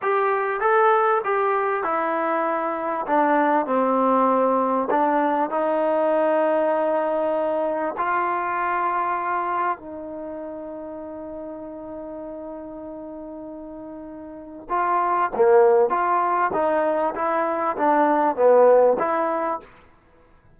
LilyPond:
\new Staff \with { instrumentName = "trombone" } { \time 4/4 \tempo 4 = 98 g'4 a'4 g'4 e'4~ | e'4 d'4 c'2 | d'4 dis'2.~ | dis'4 f'2. |
dis'1~ | dis'1 | f'4 ais4 f'4 dis'4 | e'4 d'4 b4 e'4 | }